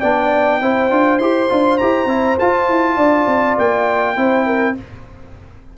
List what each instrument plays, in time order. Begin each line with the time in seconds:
0.00 tuba B3, trombone D4, horn D5, trumpet G5
0.61 tuba C4, trombone E4, horn C5
0.90 tuba D4, trombone F4
1.19 tuba E4, trombone G4, trumpet C6
1.50 tuba D4, trombone F4
1.78 tuba E4, trombone G4, trumpet A#5
2.05 tuba C4, trombone E4
2.39 trombone F4, tuba F4, trumpet A5
2.69 tuba E4
2.96 tuba D4, horn D5
3.27 tuba C4
3.58 tuba A#3, trumpet G5
4.16 tuba C4, trombone E4, horn C5
4.46 horn A#4